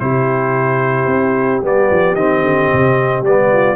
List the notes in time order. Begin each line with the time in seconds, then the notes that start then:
0.00 C3 E4 G4 C5
1.06 C4
1.62 G3 B3 D5
1.91 F3
2.15 D#3 C4 D#5
2.42 D3
2.73 C3
3.22 G3 B3 D5
3.52 F4